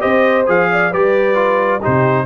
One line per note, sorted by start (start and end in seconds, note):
0.00 0.48 C4
0.00 0.45 G4
0.00 0.69 C5
0.00 0.45 D#5
0.47 0.93 F3
0.47 0.92 G#4
0.47 0.93 F5
0.71 0.92 D5
0.92 1.82 G3
0.92 1.35 G4
0.92 1.80 B4
0.92 1.83 D5
1.35 1.80 F4
1.80 2.26 D#4
1.80 2.25 G4
1.80 2.26 C5
1.86 2.26 C3